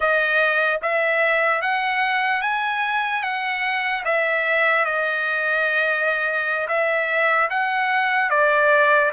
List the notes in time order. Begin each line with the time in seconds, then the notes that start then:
0.00 D#5
0.81 E5
1.61 F#5
2.41 G#5
3.22 F#5
4.04 E5
4.85 D#5
6.68 E5
7.50 F#5
8.30 D5